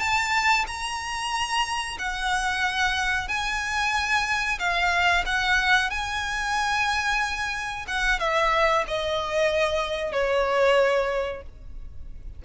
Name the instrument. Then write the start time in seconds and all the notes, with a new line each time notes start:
violin
0.00 A5
0.67 A#5
1.99 F#5
3.28 G#5
4.59 F5
5.26 F#5
5.91 G#5
7.88 F#5
8.20 E5
8.88 D#5
10.12 C#5